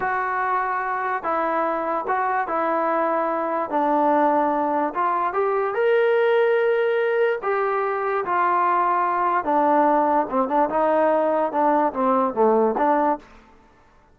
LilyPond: \new Staff \with { instrumentName = "trombone" } { \time 4/4 \tempo 4 = 146 fis'2. e'4~ | e'4 fis'4 e'2~ | e'4 d'2. | f'4 g'4 ais'2~ |
ais'2 g'2 | f'2. d'4~ | d'4 c'8 d'8 dis'2 | d'4 c'4 a4 d'4 | }